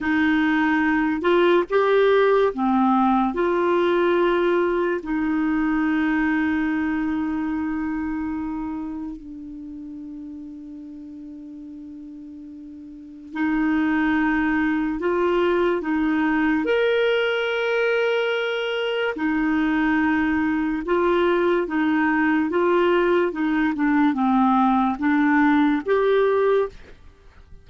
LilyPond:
\new Staff \with { instrumentName = "clarinet" } { \time 4/4 \tempo 4 = 72 dis'4. f'8 g'4 c'4 | f'2 dis'2~ | dis'2. d'4~ | d'1 |
dis'2 f'4 dis'4 | ais'2. dis'4~ | dis'4 f'4 dis'4 f'4 | dis'8 d'8 c'4 d'4 g'4 | }